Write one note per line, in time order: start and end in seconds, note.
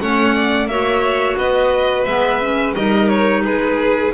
0.00 0.66 A3
0.00 0.69 C#4
0.00 0.35 C#5
0.00 0.68 F#5
0.35 0.69 D5
0.66 1.35 A#3
0.66 2.07 F#4
0.66 1.37 C#5
0.66 1.37 E5
1.37 2.06 B3
1.37 2.74 B4
1.37 2.04 D#5
2.04 2.75 G#3
2.04 2.41 B3
2.04 2.73 E5
2.41 2.76 C#4
2.74 3.45 G3
2.74 4.13 D#4
2.74 3.43 A#4
2.74 3.08 D#5
3.08 3.43 C#5
3.44 4.13 G#3
3.44 4.13 G#4
3.44 4.13 B4